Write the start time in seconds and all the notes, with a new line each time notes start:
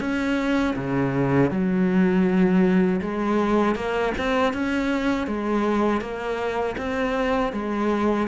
0.00 C#4
0.76 C#3
1.51 F#3
3.01 G#3
3.75 A#3
4.18 C4
4.53 C#4
5.27 G#3
6.01 A#3
6.77 C4
7.53 G#3